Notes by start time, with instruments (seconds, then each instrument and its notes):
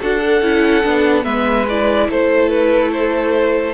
0.00 cello D4, viola F#4, violin A4 F#5
0.19 viola A4
0.42 cello C#4, viola E4
0.84 cello B3, viola D4
1.24 cello G#3, viola B3, violin B4 E5
1.69 viola E4, violin D5
2.09 cello A3, violin A4 C5
2.49 violin B4
2.92 violin C5